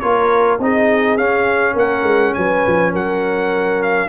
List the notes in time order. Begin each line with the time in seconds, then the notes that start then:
0.00 A#3 F4 A#4 C#5
0.60 C4 D#4 G#4 D#5
1.17 C#4 F5
1.74 A#3 A#4 F#5
2.03 G#3
2.34 F#3 B4 G#5
2.67 F3
2.92 F#3 A#4 F#5
3.83 F5